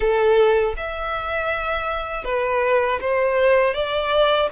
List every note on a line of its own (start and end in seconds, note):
0.00 0.74 A4
0.77 2.24 E5
2.24 2.99 B4
3.00 3.74 C5
3.74 4.49 D5